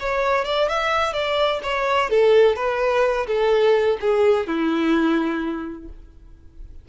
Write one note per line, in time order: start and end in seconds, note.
0.00 0.45 C#5
0.45 0.69 D5
0.69 1.13 E5
1.13 1.60 D5
1.63 2.10 C#5
2.10 2.56 A4
2.56 3.27 B4
3.27 3.98 A4
4.01 4.47 G#4
4.47 5.89 E4